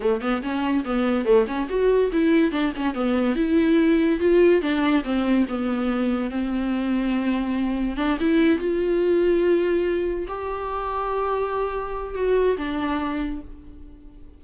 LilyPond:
\new Staff \with { instrumentName = "viola" } { \time 4/4 \tempo 4 = 143 a8 b8 cis'4 b4 a8 cis'8 | fis'4 e'4 d'8 cis'8 b4 | e'2 f'4 d'4 | c'4 b2 c'4~ |
c'2. d'8 e'8~ | e'8 f'2.~ f'8~ | f'8 g'2.~ g'8~ | g'4 fis'4 d'2 | }